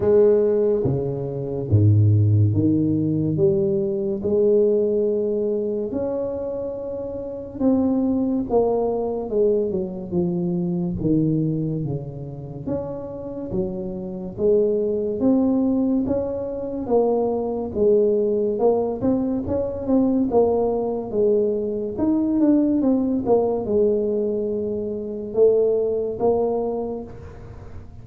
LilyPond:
\new Staff \with { instrumentName = "tuba" } { \time 4/4 \tempo 4 = 71 gis4 cis4 gis,4 dis4 | g4 gis2 cis'4~ | cis'4 c'4 ais4 gis8 fis8 | f4 dis4 cis4 cis'4 |
fis4 gis4 c'4 cis'4 | ais4 gis4 ais8 c'8 cis'8 c'8 | ais4 gis4 dis'8 d'8 c'8 ais8 | gis2 a4 ais4 | }